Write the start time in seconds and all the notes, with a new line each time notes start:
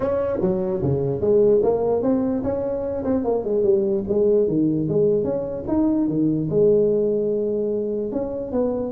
0.00 C#4
0.41 F#3
0.82 C#3
1.20 G#3
1.62 A#3
2.02 C4
2.43 C#4
3.04 C4
3.24 A#3
3.44 G#3
3.63 G3
4.08 G#3
4.47 D#3
4.88 G#3
5.24 C#4
5.67 D#4
6.08 D#3
6.50 G#3
8.12 C#4
8.52 B3